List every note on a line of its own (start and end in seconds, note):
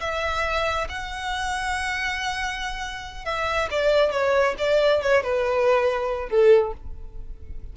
0.00 0.87 E5
0.89 3.25 F#5
3.25 3.68 E5
3.70 4.11 D5
4.11 4.55 C#5
4.58 5.01 D5
5.01 5.23 C#5
5.23 6.29 B4
6.29 6.73 A4